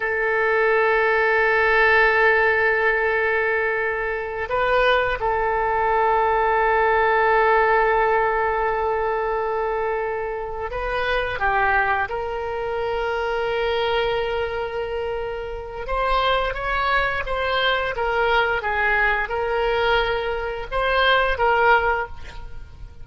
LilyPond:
\new Staff \with { instrumentName = "oboe" } { \time 4/4 \tempo 4 = 87 a'1~ | a'2~ a'8 b'4 a'8~ | a'1~ | a'2.~ a'8 b'8~ |
b'8 g'4 ais'2~ ais'8~ | ais'2. c''4 | cis''4 c''4 ais'4 gis'4 | ais'2 c''4 ais'4 | }